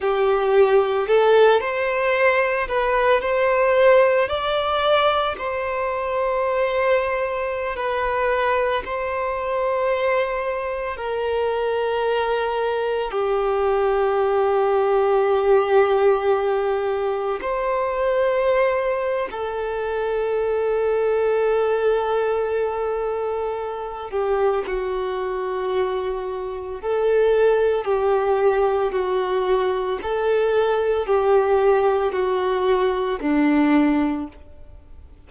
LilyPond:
\new Staff \with { instrumentName = "violin" } { \time 4/4 \tempo 4 = 56 g'4 a'8 c''4 b'8 c''4 | d''4 c''2~ c''16 b'8.~ | b'16 c''2 ais'4.~ ais'16~ | ais'16 g'2.~ g'8.~ |
g'16 c''4.~ c''16 a'2~ | a'2~ a'8 g'8 fis'4~ | fis'4 a'4 g'4 fis'4 | a'4 g'4 fis'4 d'4 | }